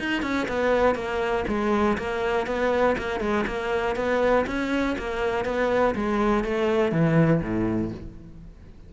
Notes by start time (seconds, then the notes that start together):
0.00 D#4
0.23 C#4
0.49 B3
0.96 A#3
1.48 G#3
1.99 A#3
2.47 B3
2.98 A#3
3.21 G#3
3.47 A#3
3.96 B3
4.47 C#4
4.99 A#3
5.45 B3
5.96 G#3
6.45 A3
6.92 E3
7.42 A2